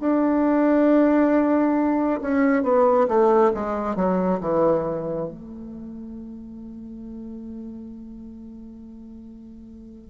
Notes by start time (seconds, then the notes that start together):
0.00 D4
2.21 C#4
2.63 B3
3.08 A3
3.54 G#3
3.96 F#3
4.40 E3
5.29 A3